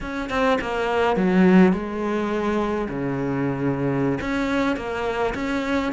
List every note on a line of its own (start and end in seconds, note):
0.00 0.29 C#4
0.29 0.58 C4
0.61 1.16 A#3
1.16 1.72 F#3
1.72 2.88 G#3
2.89 4.19 C#3
4.21 4.76 C#4
4.76 5.34 A#3
5.34 5.92 C#4